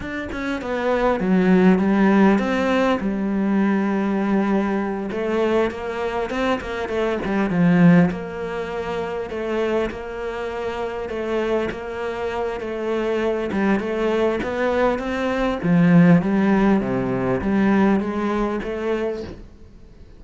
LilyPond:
\new Staff \with { instrumentName = "cello" } { \time 4/4 \tempo 4 = 100 d'8 cis'8 b4 fis4 g4 | c'4 g2.~ | g8 a4 ais4 c'8 ais8 a8 | g8 f4 ais2 a8~ |
a8 ais2 a4 ais8~ | ais4 a4. g8 a4 | b4 c'4 f4 g4 | c4 g4 gis4 a4 | }